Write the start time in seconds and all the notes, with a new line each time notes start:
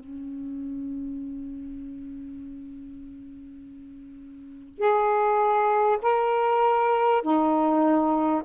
0.00 C#4
4.78 G#4
6.02 A#4
7.23 D#4